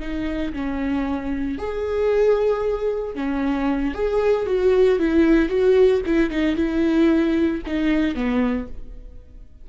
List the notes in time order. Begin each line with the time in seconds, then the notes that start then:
0.00 D#4
0.53 C#4
1.58 G#4
3.15 C#4
3.94 G#4
4.46 F#4
4.99 E4
5.49 F#4
6.06 E4
6.30 D#4
6.56 E4
7.66 D#4
8.15 B3